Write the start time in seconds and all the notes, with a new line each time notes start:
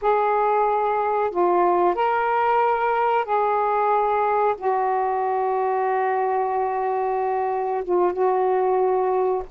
0.01 G#4
1.30 F4
1.94 A#4
3.24 G#4
4.57 F#4
7.84 F4
8.12 F#4